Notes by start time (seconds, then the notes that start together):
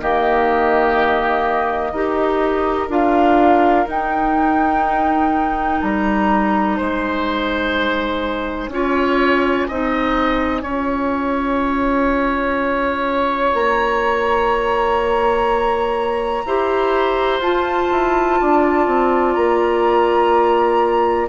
0.00 D#3 A#3 G4 D#5
1.92 D#4 G4 A#4
2.89 D4 F4 F5
3.87 D#4 G5
5.82 G3 A#5
6.77 G#3 C5 G#5
8.69 C#4 F4 C#5
9.68 C4 D#4 D#5
10.62 C#4 F4 C#5
13.54 A#3 A#5
16.45 E4 G4 C5
17.40 F4 A5
17.91 E4
18.41 D4 D5
18.87 C4
19.34 A#3 A#5